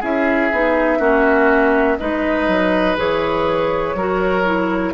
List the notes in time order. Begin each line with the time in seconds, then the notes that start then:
0.00 C#4 E4 G#4 E5
0.52 B3 D#4
0.99 A#3 C#4 F#4
1.98 G#3 D#4 B4 D#5
2.47 F#3
2.97 E3 G#4 C#5
3.94 F#3 F#4 A#4
4.45 E4